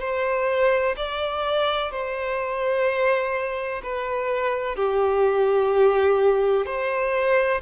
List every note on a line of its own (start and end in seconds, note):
0.00 0.95 C5
0.97 1.91 D5
1.91 3.82 C5
3.83 4.76 B4
4.76 6.66 G4
6.66 7.61 C5